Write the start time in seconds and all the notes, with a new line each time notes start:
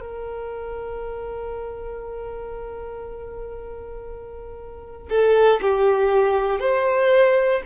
0.00 A#4
5.09 A4
5.61 G4
6.60 C5